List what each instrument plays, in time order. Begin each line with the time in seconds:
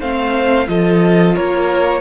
0.00 cello A3, viola C4, violin C5 F5
0.67 cello F3, viola F4, violin A4 D#5
1.36 cello A#3, violin A#4 C#5